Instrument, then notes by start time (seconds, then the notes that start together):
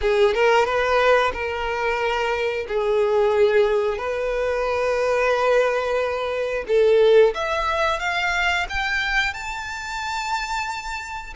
violin
0.01 G#4
0.34 A#4
0.65 B4
1.33 A#4
2.68 G#4
3.98 B4
6.67 A4
7.34 E5
7.99 F5
8.69 G5
9.33 A5